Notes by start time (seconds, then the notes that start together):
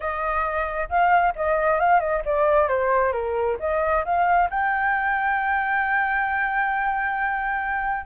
0.00 D#5
0.89 F5
1.35 D#5
1.79 F5
1.99 D#5
2.25 D5
2.68 C5
3.12 A#4
3.59 D#5
4.04 F5
4.49 G5